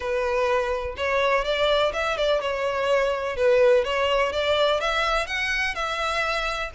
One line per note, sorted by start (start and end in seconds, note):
0.00 0.95 B4
0.96 1.44 C#5
1.44 1.92 D5
1.93 2.17 E5
2.17 2.41 D5
2.41 3.36 C#5
3.36 3.84 B4
3.84 4.32 C#5
4.32 4.80 D5
4.80 5.26 E5
5.26 5.74 F#5
5.74 6.70 E5